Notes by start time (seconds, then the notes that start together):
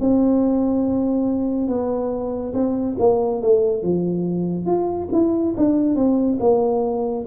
0.00 C4
1.68 B3
2.54 C4
2.99 A#3
3.42 A3
3.83 F3
4.66 F4
5.12 E4
5.57 D4
5.95 C4
6.40 A#3